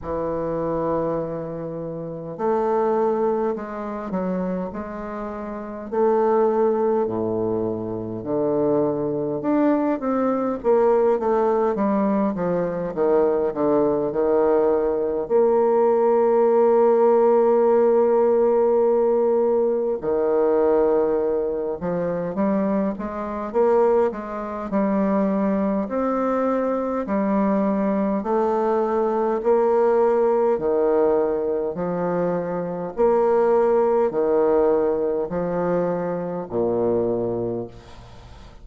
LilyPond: \new Staff \with { instrumentName = "bassoon" } { \time 4/4 \tempo 4 = 51 e2 a4 gis8 fis8 | gis4 a4 a,4 d4 | d'8 c'8 ais8 a8 g8 f8 dis8 d8 | dis4 ais2.~ |
ais4 dis4. f8 g8 gis8 | ais8 gis8 g4 c'4 g4 | a4 ais4 dis4 f4 | ais4 dis4 f4 ais,4 | }